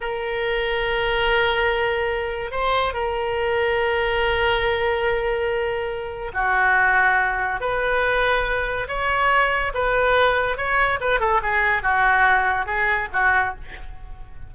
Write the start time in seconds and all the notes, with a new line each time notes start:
0.00 A#4
2.51 C5
2.93 A#4
6.33 F#4
7.60 B4
8.88 C#5
9.73 B4
10.57 C#5
11.00 B4
11.20 A4
11.42 G#4
11.82 F#4
12.66 G#4
13.12 F#4